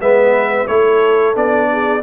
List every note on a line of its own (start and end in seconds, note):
0.00 0.67 G#3
0.00 0.68 B3
0.00 0.68 B4
0.00 0.67 E5
0.67 1.36 A3
0.67 1.35 E4
0.67 1.70 A4
0.67 1.35 C#5
1.35 2.03 B3
1.35 2.02 D4
1.35 2.03 D5
1.72 2.03 G#4